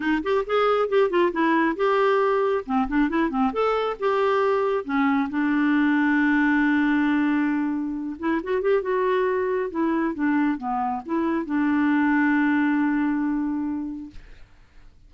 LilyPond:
\new Staff \with { instrumentName = "clarinet" } { \time 4/4 \tempo 4 = 136 dis'8 g'8 gis'4 g'8 f'8 e'4 | g'2 c'8 d'8 e'8 c'8 | a'4 g'2 cis'4 | d'1~ |
d'2~ d'8 e'8 fis'8 g'8 | fis'2 e'4 d'4 | b4 e'4 d'2~ | d'1 | }